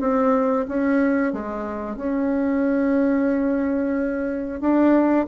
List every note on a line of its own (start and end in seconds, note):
0.00 0.66 C4
0.68 1.33 C#4
1.33 1.97 G#3
1.97 4.60 C#4
4.60 5.26 D4